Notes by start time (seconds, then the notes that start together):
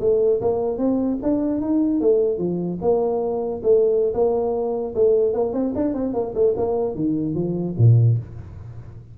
0.00 A3
0.41 A#3
0.78 C4
1.22 D4
1.61 D#4
2.00 A3
2.38 F3
2.81 A#3
3.63 A3
4.13 A#3
4.95 A3
5.33 A#3
5.53 C4
5.75 D4
5.94 C4
6.13 A#3
6.34 A3
6.56 A#3
6.95 D#3
7.34 F3
7.78 A#2